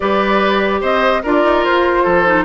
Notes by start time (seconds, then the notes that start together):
0.00 G3 G4 B4 D5
0.80 C4 C5 D#5
1.22 D4 F4 A#4 D5
1.44 D#4
1.64 F4 C5
2.03 F3 A4
2.26 D#4